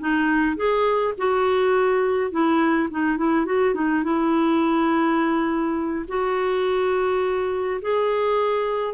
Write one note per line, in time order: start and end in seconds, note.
0.00 0.56 D#4
0.56 1.14 G#4
1.17 2.31 F#4
2.31 2.89 E4
2.90 3.17 D#4
3.17 3.46 E4
3.46 3.74 F#4
3.74 4.03 D#4
4.03 6.05 E4
6.08 7.81 F#4
7.81 8.94 G#4